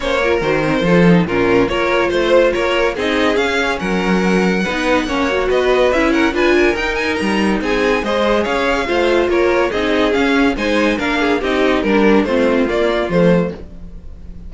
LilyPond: <<
  \new Staff \with { instrumentName = "violin" } { \time 4/4 \tempo 4 = 142 cis''4 c''2 ais'4 | cis''4 c''4 cis''4 dis''4 | f''4 fis''2.~ | fis''4 dis''4 e''8 fis''8 gis''4 |
g''8 gis''8 ais''4 gis''4 dis''4 | f''2 cis''4 dis''4 | f''4 gis''4 f''4 dis''4 | ais'4 c''4 d''4 c''4 | }
  \new Staff \with { instrumentName = "violin" } { \time 4/4 c''8 ais'4. a'4 f'4 | ais'4 c''4 ais'4 gis'4~ | gis'4 ais'2 b'4 | cis''4 b'4. ais'8 b'8 ais'8~ |
ais'2 gis'4 c''4 | cis''4 c''4 ais'4 gis'4~ | gis'4 c''4 ais'8 gis'8 g'4 | ais'4 f'2. | }
  \new Staff \with { instrumentName = "viola" } { \time 4/4 cis'8 f'8 fis'8 c'8 f'8 dis'8 cis'4 | f'2. dis'4 | cis'2. dis'4 | cis'8 fis'4. e'4 f'4 |
dis'2. gis'4~ | gis'4 f'2 dis'4 | cis'4 dis'4 d'4 dis'4 | d'4 c'4 ais4 a4 | }
  \new Staff \with { instrumentName = "cello" } { \time 4/4 ais4 dis4 f4 ais,4 | ais4 a4 ais4 c'4 | cis'4 fis2 b4 | ais4 b4 cis'4 d'4 |
dis'4 g4 c'4 gis4 | cis'4 a4 ais4 c'4 | cis'4 gis4 ais4 c'4 | g4 a4 ais4 f4 | }
>>